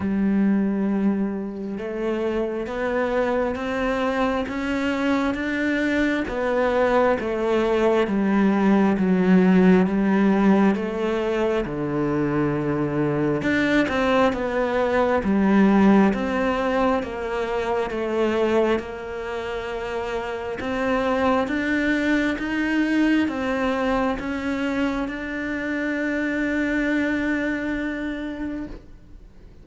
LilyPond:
\new Staff \with { instrumentName = "cello" } { \time 4/4 \tempo 4 = 67 g2 a4 b4 | c'4 cis'4 d'4 b4 | a4 g4 fis4 g4 | a4 d2 d'8 c'8 |
b4 g4 c'4 ais4 | a4 ais2 c'4 | d'4 dis'4 c'4 cis'4 | d'1 | }